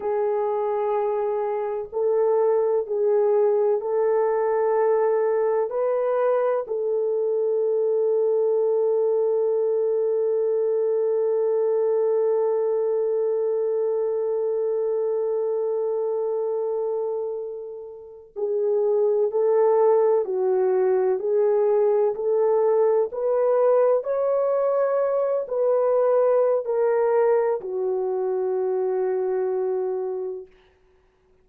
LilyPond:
\new Staff \with { instrumentName = "horn" } { \time 4/4 \tempo 4 = 63 gis'2 a'4 gis'4 | a'2 b'4 a'4~ | a'1~ | a'1~ |
a'2.~ a'16 gis'8.~ | gis'16 a'4 fis'4 gis'4 a'8.~ | a'16 b'4 cis''4. b'4~ b'16 | ais'4 fis'2. | }